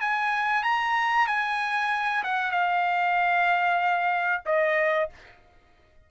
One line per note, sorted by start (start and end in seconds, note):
0.00 0.63 G#5
0.63 1.27 A#5
1.27 2.23 G#5
2.23 2.51 F#5
2.51 4.42 F5
4.45 5.09 D#5